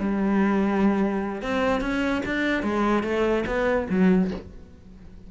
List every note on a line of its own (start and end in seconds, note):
0.00 1.43 G3
1.43 1.81 C4
1.81 2.22 C#4
2.26 2.63 D4
2.63 3.04 G#3
3.04 3.45 A3
3.47 3.88 B3
3.90 4.31 F#3